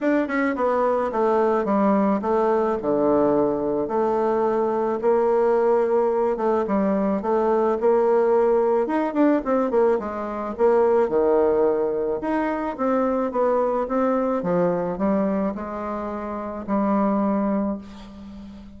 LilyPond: \new Staff \with { instrumentName = "bassoon" } { \time 4/4 \tempo 4 = 108 d'8 cis'8 b4 a4 g4 | a4 d2 a4~ | a4 ais2~ ais8 a8 | g4 a4 ais2 |
dis'8 d'8 c'8 ais8 gis4 ais4 | dis2 dis'4 c'4 | b4 c'4 f4 g4 | gis2 g2 | }